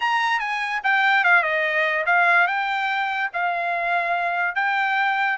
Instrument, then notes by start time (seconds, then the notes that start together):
trumpet
0.00 A#5
0.39 G#5
0.83 G5
1.24 F5
1.42 D#5
2.05 F5
2.47 G5
3.33 F5
4.55 G5